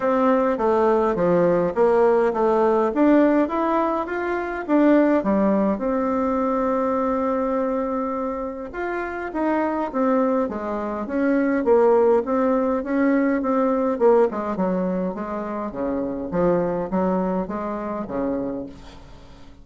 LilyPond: \new Staff \with { instrumentName = "bassoon" } { \time 4/4 \tempo 4 = 103 c'4 a4 f4 ais4 | a4 d'4 e'4 f'4 | d'4 g4 c'2~ | c'2. f'4 |
dis'4 c'4 gis4 cis'4 | ais4 c'4 cis'4 c'4 | ais8 gis8 fis4 gis4 cis4 | f4 fis4 gis4 cis4 | }